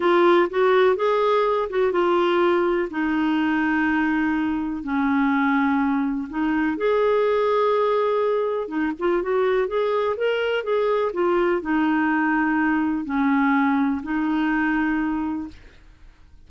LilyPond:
\new Staff \with { instrumentName = "clarinet" } { \time 4/4 \tempo 4 = 124 f'4 fis'4 gis'4. fis'8 | f'2 dis'2~ | dis'2 cis'2~ | cis'4 dis'4 gis'2~ |
gis'2 dis'8 f'8 fis'4 | gis'4 ais'4 gis'4 f'4 | dis'2. cis'4~ | cis'4 dis'2. | }